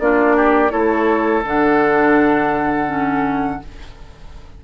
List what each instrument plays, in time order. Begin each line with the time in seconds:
0.00 bassoon A#3, clarinet D4, oboe F4, flute D5
0.37 oboe G4
0.70 bassoon A3, clarinet E4, oboe A4, flute C#5
1.44 bassoon D3, clarinet D4, flute F#5
2.87 clarinet C#4